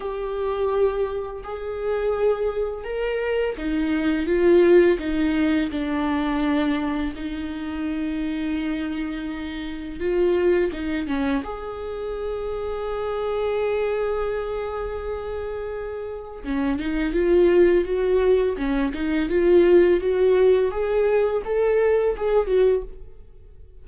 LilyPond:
\new Staff \with { instrumentName = "viola" } { \time 4/4 \tempo 4 = 84 g'2 gis'2 | ais'4 dis'4 f'4 dis'4 | d'2 dis'2~ | dis'2 f'4 dis'8 cis'8 |
gis'1~ | gis'2. cis'8 dis'8 | f'4 fis'4 cis'8 dis'8 f'4 | fis'4 gis'4 a'4 gis'8 fis'8 | }